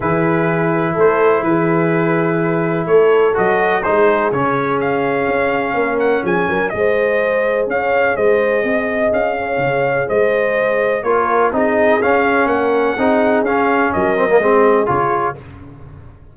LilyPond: <<
  \new Staff \with { instrumentName = "trumpet" } { \time 4/4 \tempo 4 = 125 b'2 c''4 b'4~ | b'2 cis''4 dis''4 | c''4 cis''4 f''2~ | f''8 fis''8 gis''4 dis''2 |
f''4 dis''2 f''4~ | f''4 dis''2 cis''4 | dis''4 f''4 fis''2 | f''4 dis''2 cis''4 | }
  \new Staff \with { instrumentName = "horn" } { \time 4/4 gis'2 a'4 gis'4~ | gis'2 a'2 | gis'1 | ais'4 gis'8 ais'8 c''2 |
cis''4 c''4 dis''4. cis''8~ | cis''4 c''2 ais'4 | gis'2 ais'4 gis'4~ | gis'4 ais'4 gis'2 | }
  \new Staff \with { instrumentName = "trombone" } { \time 4/4 e'1~ | e'2. fis'4 | dis'4 cis'2.~ | cis'2 gis'2~ |
gis'1~ | gis'2. f'4 | dis'4 cis'2 dis'4 | cis'4. c'16 ais16 c'4 f'4 | }
  \new Staff \with { instrumentName = "tuba" } { \time 4/4 e2 a4 e4~ | e2 a4 fis4 | gis4 cis2 cis'4 | ais4 f8 fis8 gis2 |
cis'4 gis4 c'4 cis'4 | cis4 gis2 ais4 | c'4 cis'4 ais4 c'4 | cis'4 fis4 gis4 cis4 | }
>>